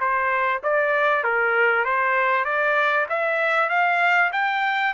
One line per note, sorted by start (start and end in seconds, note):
0.00 0.62 C5
0.63 1.23 D5
1.23 1.85 A#4
1.85 2.45 C5
2.45 3.06 D5
3.09 3.69 E5
3.69 4.31 F5
4.33 4.94 G5